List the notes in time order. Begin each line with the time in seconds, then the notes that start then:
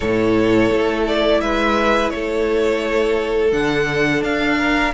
0.00 A2 E4 A4 C#5
0.70 A3
1.06 D5
1.40 G#3 B4 E5
2.10 A3 A4 C#5
3.51 D3 D4 F#5
4.22 D4 F5
4.58 A#4